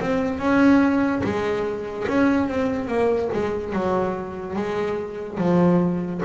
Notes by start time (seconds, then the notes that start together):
0.00 C4
0.38 C#4
1.23 G#3
2.08 C#4
2.48 C4
2.87 A#3
3.33 G#3
3.72 F#3
4.56 G#3
5.37 F3